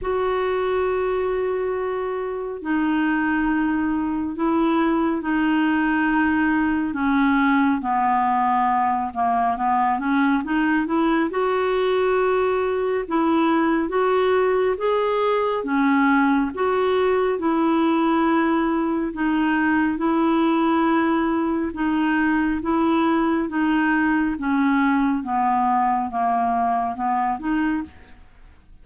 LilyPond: \new Staff \with { instrumentName = "clarinet" } { \time 4/4 \tempo 4 = 69 fis'2. dis'4~ | dis'4 e'4 dis'2 | cis'4 b4. ais8 b8 cis'8 | dis'8 e'8 fis'2 e'4 |
fis'4 gis'4 cis'4 fis'4 | e'2 dis'4 e'4~ | e'4 dis'4 e'4 dis'4 | cis'4 b4 ais4 b8 dis'8 | }